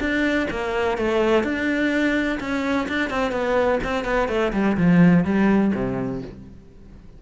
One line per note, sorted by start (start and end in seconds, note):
0.00 0.48 D4
0.51 0.98 A#3
0.98 1.44 A3
1.44 2.39 D4
2.40 2.88 C#4
2.89 3.10 D4
3.10 3.32 C4
3.32 3.79 B3
3.84 4.05 C4
4.05 4.28 B3
4.29 4.52 A3
4.53 4.77 G3
4.77 5.25 F3
5.25 5.72 G3
5.74 6.22 C3